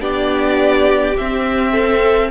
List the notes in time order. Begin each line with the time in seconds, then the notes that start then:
0.00 B3 D4 G4 D5
1.17 C4 E5
1.72 A4